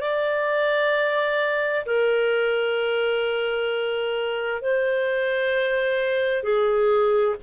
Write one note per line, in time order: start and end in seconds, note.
0.00 1.85 D5
1.85 4.62 A#4
4.62 6.43 C5
6.43 7.36 G#4